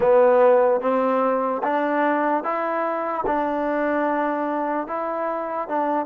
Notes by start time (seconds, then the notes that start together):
0.00 B3
0.81 C4
1.63 D4
2.43 E4
3.26 D4
4.87 E4
5.68 D4